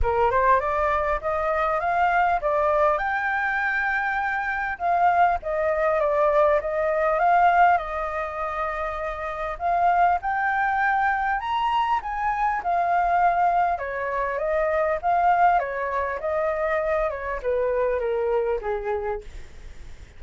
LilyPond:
\new Staff \with { instrumentName = "flute" } { \time 4/4 \tempo 4 = 100 ais'8 c''8 d''4 dis''4 f''4 | d''4 g''2. | f''4 dis''4 d''4 dis''4 | f''4 dis''2. |
f''4 g''2 ais''4 | gis''4 f''2 cis''4 | dis''4 f''4 cis''4 dis''4~ | dis''8 cis''8 b'4 ais'4 gis'4 | }